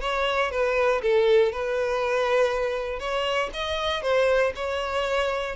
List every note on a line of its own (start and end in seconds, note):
0.00 0.50 C#5
0.51 1.01 B4
1.01 1.52 A4
1.52 2.99 B4
2.99 3.49 C#5
3.53 4.02 D#5
4.02 4.52 C5
4.55 5.55 C#5